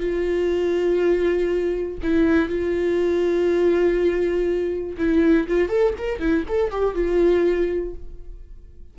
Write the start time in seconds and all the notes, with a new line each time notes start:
0.00 F4
2.03 E4
2.49 F4
4.98 E4
5.48 F4
5.69 A4
5.98 A#4
6.20 E4
6.48 A4
6.71 G4
6.95 F4